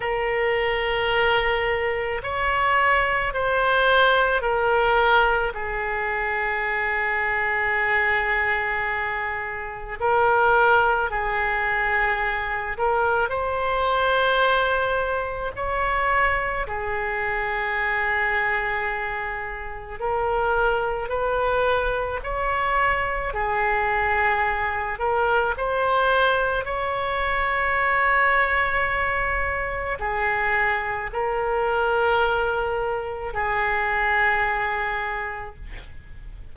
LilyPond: \new Staff \with { instrumentName = "oboe" } { \time 4/4 \tempo 4 = 54 ais'2 cis''4 c''4 | ais'4 gis'2.~ | gis'4 ais'4 gis'4. ais'8 | c''2 cis''4 gis'4~ |
gis'2 ais'4 b'4 | cis''4 gis'4. ais'8 c''4 | cis''2. gis'4 | ais'2 gis'2 | }